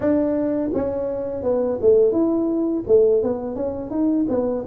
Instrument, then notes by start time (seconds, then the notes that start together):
tuba
0.00 D4
0.73 C#4
1.43 B3
1.81 A3
2.12 E4
2.87 A3
3.22 B3
3.55 C#4
3.90 D#4
4.29 B3